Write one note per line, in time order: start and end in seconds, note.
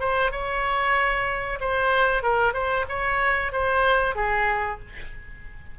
0.00 0.32 C5
0.32 1.59 C#5
1.61 2.23 C5
2.23 2.54 A#4
2.54 2.85 C5
2.89 3.53 C#5
3.53 4.16 C5
4.16 4.80 G#4